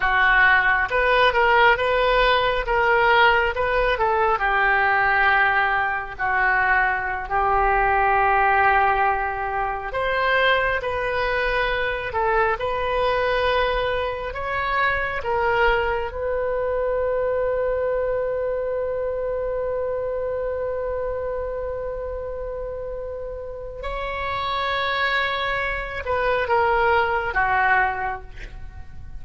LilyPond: \new Staff \with { instrumentName = "oboe" } { \time 4/4 \tempo 4 = 68 fis'4 b'8 ais'8 b'4 ais'4 | b'8 a'8 g'2 fis'4~ | fis'16 g'2. c''8.~ | c''16 b'4. a'8 b'4.~ b'16~ |
b'16 cis''4 ais'4 b'4.~ b'16~ | b'1~ | b'2. cis''4~ | cis''4. b'8 ais'4 fis'4 | }